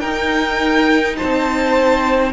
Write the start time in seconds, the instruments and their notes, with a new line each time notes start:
0.00 viola D#4, cello D#4, violin A#4 G5
1.17 cello C4, violin C5 A5